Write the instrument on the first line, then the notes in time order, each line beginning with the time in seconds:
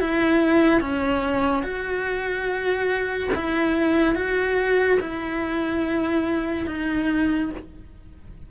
cello
0.00 E4
0.81 C#4
1.63 F#4
3.35 E4
4.15 F#4
5.00 E4
6.67 D#4